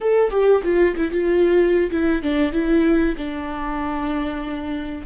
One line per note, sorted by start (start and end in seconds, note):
0.00 0.30 A4
0.30 0.61 G4
0.63 0.95 F4
0.96 1.11 E4
1.11 1.90 F4
1.90 2.22 E4
2.22 2.52 D4
2.52 3.15 E4
3.17 5.06 D4